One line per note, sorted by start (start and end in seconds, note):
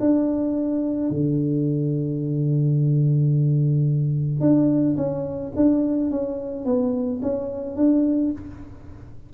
0.00 1.10 D4
1.10 4.40 D3
4.40 4.96 D4
4.97 5.53 C#4
5.56 6.11 D4
6.11 6.66 C#4
6.66 7.21 B3
7.22 7.76 C#4
7.76 8.32 D4